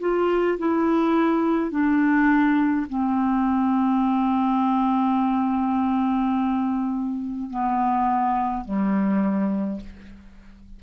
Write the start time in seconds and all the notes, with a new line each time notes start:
0.00 F4
0.58 E4
1.71 D4
2.89 C4
7.50 B3
8.65 G3